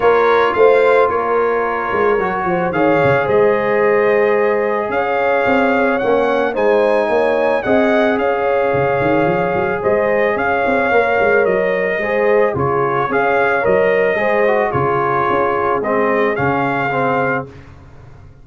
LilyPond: <<
  \new Staff \with { instrumentName = "trumpet" } { \time 4/4 \tempo 4 = 110 cis''4 f''4 cis''2~ | cis''4 f''4 dis''2~ | dis''4 f''2 fis''4 | gis''2 fis''4 f''4~ |
f''2 dis''4 f''4~ | f''4 dis''2 cis''4 | f''4 dis''2 cis''4~ | cis''4 dis''4 f''2 | }
  \new Staff \with { instrumentName = "horn" } { \time 4/4 ais'4 c''4 ais'2~ | ais'8 c''8 cis''4 c''2~ | c''4 cis''2. | c''4 cis''4 dis''4 cis''4~ |
cis''2 c''4 cis''4~ | cis''2 c''4 gis'4 | cis''2 c''4 gis'4~ | gis'1 | }
  \new Staff \with { instrumentName = "trombone" } { \time 4/4 f'1 | fis'4 gis'2.~ | gis'2. cis'4 | dis'2 gis'2~ |
gis'1 | ais'2 gis'4 f'4 | gis'4 ais'4 gis'8 fis'8 f'4~ | f'4 c'4 cis'4 c'4 | }
  \new Staff \with { instrumentName = "tuba" } { \time 4/4 ais4 a4 ais4. gis8 | fis8 f8 dis8 cis8 gis2~ | gis4 cis'4 c'4 ais4 | gis4 ais4 c'4 cis'4 |
cis8 dis8 f8 fis8 gis4 cis'8 c'8 | ais8 gis8 fis4 gis4 cis4 | cis'4 fis4 gis4 cis4 | cis'4 gis4 cis2 | }
>>